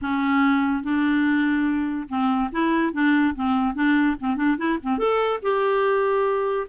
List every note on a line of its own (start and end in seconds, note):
0.01 0.83 C#4
0.83 2.08 D4
2.08 2.50 C4
2.52 2.93 E4
2.93 3.34 D4
3.35 3.74 C4
3.74 4.16 D4
4.20 4.36 C4
4.36 4.57 D4
4.57 4.78 E4
4.82 4.98 C4
4.98 5.40 A4
5.42 6.67 G4